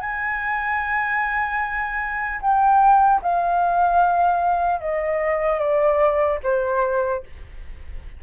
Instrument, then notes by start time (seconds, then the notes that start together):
flute
0.00 G#5
2.41 G5
3.22 F5
4.80 D#5
5.59 D5
6.43 C5